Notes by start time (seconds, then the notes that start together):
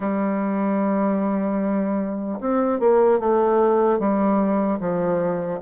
0.00 G3
2.40 C4
2.79 A#3
3.19 A3
3.99 G3
4.80 F3